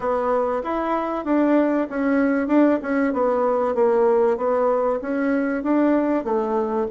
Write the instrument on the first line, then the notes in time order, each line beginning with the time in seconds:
bassoon
0.00 B3
0.63 E4
1.24 D4
1.89 C#4
2.47 D4
2.82 C#4
3.12 B3
3.74 A#3
4.37 B3
5.01 C#4
5.63 D4
6.24 A3